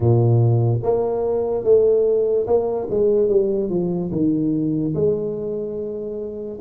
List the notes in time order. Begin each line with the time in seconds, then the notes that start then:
0.00 A#2
0.82 A#3
1.64 A3
2.47 A#3
2.90 G#3
3.28 G3
3.69 F3
4.11 D#3
4.94 G#3